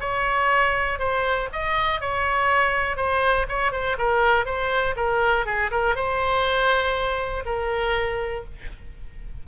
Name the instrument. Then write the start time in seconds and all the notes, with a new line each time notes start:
oboe
0.00 C#5
0.98 C5
1.52 D#5
2.00 C#5
2.96 C5
3.48 C#5
3.72 C5
3.98 A#4
4.45 C5
4.96 A#4
5.45 G#4
5.70 A#4
5.95 C5
7.45 A#4